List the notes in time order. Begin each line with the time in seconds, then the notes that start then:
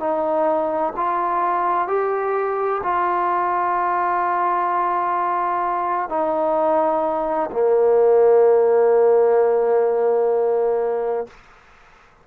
0.00 D#4
0.97 F4
1.88 G4
2.83 F4
6.09 D#4
7.53 A#3